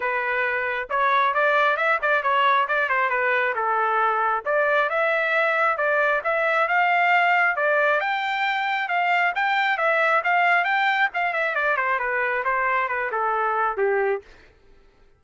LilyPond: \new Staff \with { instrumentName = "trumpet" } { \time 4/4 \tempo 4 = 135 b'2 cis''4 d''4 | e''8 d''8 cis''4 d''8 c''8 b'4 | a'2 d''4 e''4~ | e''4 d''4 e''4 f''4~ |
f''4 d''4 g''2 | f''4 g''4 e''4 f''4 | g''4 f''8 e''8 d''8 c''8 b'4 | c''4 b'8 a'4. g'4 | }